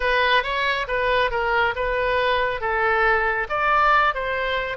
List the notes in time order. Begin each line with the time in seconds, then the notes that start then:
0.00 B4
0.43 C#5
0.87 B4
1.30 A#4
1.75 B4
2.60 A4
3.49 D5
4.14 C5